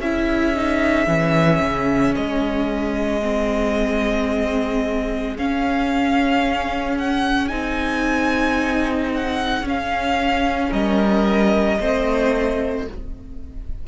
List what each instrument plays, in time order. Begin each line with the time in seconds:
0.00 cello C#4, viola E4, violin G#4 E5
0.56 viola D#4
1.06 cello E3, viola C#4
1.61 cello C#3
2.16 cello G#3, violin D#5
3.22 viola C4
5.37 viola C#4, cello C#4, violin F5
6.98 violin F#5
7.48 cello C4, viola D#4, violin G#5
9.14 violin F#5
9.62 cello C#4, viola C#4
9.69 violin F5
10.71 cello G3, violin A#4 D#5
11.80 cello A3, viola C4, violin C5